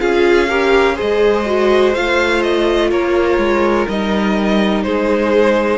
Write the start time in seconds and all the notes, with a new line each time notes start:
0.00 C#4 F4 G#4 F5
0.49 G4 A#4
0.96 G#4 C5 D#5
1.02 G#3
1.46 F#4
1.95 A3 F4 F5
2.43 D#5
2.91 A#3 A#4 C#5
3.38 G#3
3.89 G3 D#4 D#5
4.83 G#3 G#4 C5